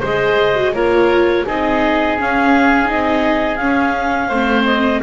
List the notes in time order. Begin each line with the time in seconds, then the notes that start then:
0.00 G#3 G#4 C5 D#5
0.56 F#4
0.74 A#3 F4 A#4 C#5
1.46 C4 D#4 G#4 D#5
2.18 C#4 F5
2.85 C4 D#4 D#5
3.57 C#4 F5
4.28 A3 C4 C5
4.65 D#5